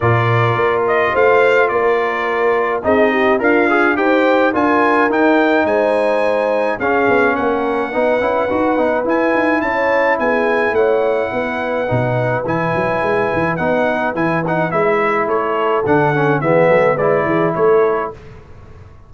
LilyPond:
<<
  \new Staff \with { instrumentName = "trumpet" } { \time 4/4 \tempo 4 = 106 d''4. dis''8 f''4 d''4~ | d''4 dis''4 f''4 g''4 | gis''4 g''4 gis''2 | f''4 fis''2. |
gis''4 a''4 gis''4 fis''4~ | fis''2 gis''2 | fis''4 gis''8 fis''8 e''4 cis''4 | fis''4 e''4 d''4 cis''4 | }
  \new Staff \with { instrumentName = "horn" } { \time 4/4 ais'2 c''4 ais'4~ | ais'4 gis'8 g'8 f'4 c''4 | ais'2 c''2 | gis'4 ais'4 b'2~ |
b'4 cis''4 gis'4 cis''4 | b'1~ | b'2. a'4~ | a'4 gis'8 a'8 b'8 gis'8 a'4 | }
  \new Staff \with { instrumentName = "trombone" } { \time 4/4 f'1~ | f'4 dis'4 ais'8 gis'8 g'4 | f'4 dis'2. | cis'2 dis'8 e'8 fis'8 dis'8 |
e'1~ | e'4 dis'4 e'2 | dis'4 e'8 dis'8 e'2 | d'8 cis'8 b4 e'2 | }
  \new Staff \with { instrumentName = "tuba" } { \time 4/4 ais,4 ais4 a4 ais4~ | ais4 c'4 d'4 dis'4 | d'4 dis'4 gis2 | cis'8 b8 ais4 b8 cis'8 dis'8 b8 |
e'8 dis'8 cis'4 b4 a4 | b4 b,4 e8 fis8 gis8 e8 | b4 e4 gis4 a4 | d4 e8 fis8 gis8 e8 a4 | }
>>